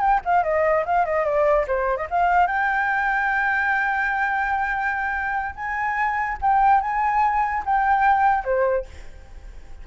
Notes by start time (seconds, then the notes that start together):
0.00 G5
0.25 F5
0.43 D#5
0.85 F5
1.05 D#5
1.25 D5
1.67 C5
1.97 D#5
2.10 F5
2.47 G5
5.55 G#5
6.41 G5
6.81 G#5
7.65 G5
8.44 C5